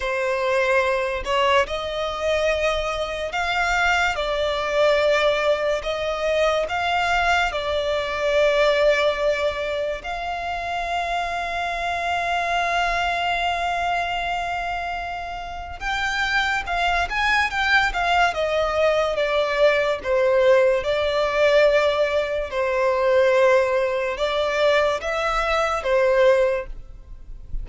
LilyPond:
\new Staff \with { instrumentName = "violin" } { \time 4/4 \tempo 4 = 72 c''4. cis''8 dis''2 | f''4 d''2 dis''4 | f''4 d''2. | f''1~ |
f''2. g''4 | f''8 gis''8 g''8 f''8 dis''4 d''4 | c''4 d''2 c''4~ | c''4 d''4 e''4 c''4 | }